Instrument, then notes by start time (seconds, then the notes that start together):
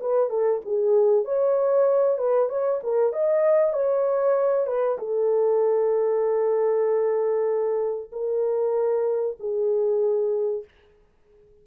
horn
0.00 B4
0.29 A4
0.65 G#4
1.25 C#5
2.18 B4
2.49 C#5
2.83 A#4
3.12 D#5
3.73 C#5
4.67 B4
4.98 A4
8.12 A#4
9.39 G#4